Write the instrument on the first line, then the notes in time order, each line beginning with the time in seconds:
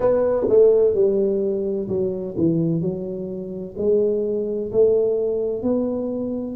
tuba
0.00 B3
0.49 A3
0.94 G3
1.88 F#3
2.37 E3
2.81 F#3
3.78 G#3
4.71 A3
5.62 B3